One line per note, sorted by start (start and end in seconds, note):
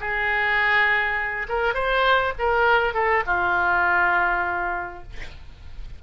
0.00 1.47 G#4
1.48 1.74 A#4
1.74 2.33 C5
2.39 2.94 A#4
2.94 3.23 A4
3.26 5.03 F4